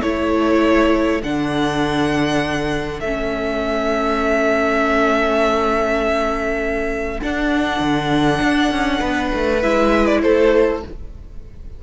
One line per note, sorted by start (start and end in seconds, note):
0.00 1.22 A3
0.00 1.22 E4
0.00 9.00 A4
0.00 1.22 C#5
1.22 3.00 D3
1.22 3.03 D4
1.22 3.00 F#5
3.00 7.20 A3
3.00 7.21 C#4
3.00 7.20 E5
7.21 9.62 D4
7.21 7.80 D4
7.21 9.62 F#5
7.80 8.40 D3
8.42 8.71 D4
8.71 9.01 C#4
9.00 9.31 B3
9.00 10.20 B4
9.34 9.64 A3
9.62 10.23 G#3
9.62 10.82 E4
9.62 10.06 E5
10.06 10.21 D5
10.21 10.83 A3
10.21 10.83 A4
10.21 10.81 C5